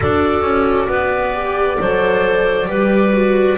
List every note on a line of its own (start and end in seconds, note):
0.00 0.42 D4
0.00 1.34 F#4
0.00 0.88 A4
0.00 3.58 D5
0.42 0.87 C#4
0.87 1.77 B3
0.87 1.78 B4
1.34 1.79 G4
1.79 2.67 F#3
1.79 2.66 A4
1.79 2.68 C5
2.66 3.57 G3
2.66 3.11 G4
2.66 3.58 B4
3.13 3.58 F#4